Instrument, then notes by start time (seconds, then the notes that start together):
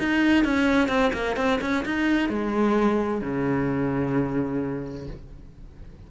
cello
0.00 D#4
0.45 C#4
0.89 C4
1.14 A#3
1.37 C4
1.62 C#4
1.86 D#4
2.30 G#3
3.22 C#3